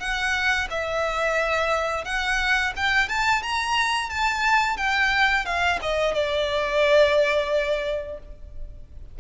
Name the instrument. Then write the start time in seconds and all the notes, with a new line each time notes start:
violin
0.00 F#5
0.71 E5
2.05 F#5
2.77 G5
3.09 A5
3.43 A#5
4.10 A5
4.78 G5
5.46 F5
5.82 D#5
6.15 D5